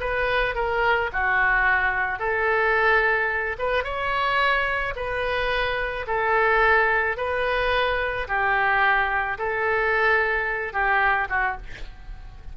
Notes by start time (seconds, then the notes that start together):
0.00 B4
0.55 A#4
1.12 F#4
2.19 A4
3.59 B4
3.84 C#5
4.96 B4
6.07 A4
7.17 B4
8.28 G4
9.38 A4
10.73 G4
11.29 F#4